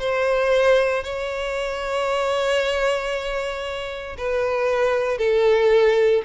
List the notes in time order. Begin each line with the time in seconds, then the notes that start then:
0.00 C5
1.04 C#5
4.18 B4
5.19 A4